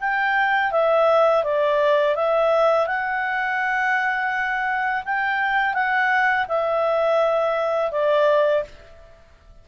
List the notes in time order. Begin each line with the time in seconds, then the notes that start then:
0.00 G5
0.71 E5
1.44 D5
2.15 E5
2.86 F#5
5.05 G5
5.74 F#5
6.48 E5
7.91 D5